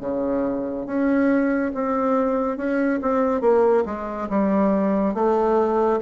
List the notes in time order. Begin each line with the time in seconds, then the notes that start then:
0.00 C#3
0.86 C#4
1.74 C4
2.57 C#4
3.02 C4
3.41 A#3
3.85 G#3
4.29 G3
5.14 A3